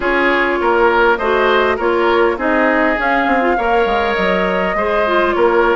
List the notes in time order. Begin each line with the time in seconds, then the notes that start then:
0.00 C#4 F4 G#4 C#5
0.60 A#3 A#4
1.17 A3 F#4 C5 D#5
1.76 A#3 F4 A#4 C#5
2.37 C4 D#4 G#4 D#5
2.96 C#4 F5
3.26 C4
3.41 F4
3.57 A#3 A#4 C#5
3.85 G#3
4.14 F#3 D#5
4.74 G#3 G#4 C5
5.06 F4
5.33 A#3 A#4 C#5